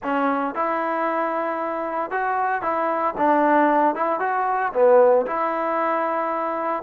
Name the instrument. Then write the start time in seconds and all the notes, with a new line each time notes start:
trombone
0.03 C#4
0.54 E4
2.10 F#4
2.61 E4
3.17 D4
3.95 E4
4.19 F#4
4.73 B3
5.26 E4